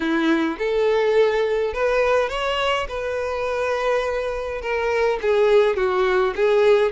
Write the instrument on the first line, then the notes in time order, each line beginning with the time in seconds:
violin
0.00 E4
0.58 A4
1.73 B4
2.29 C#5
2.88 B4
4.61 A#4
5.21 G#4
5.76 F#4
6.35 G#4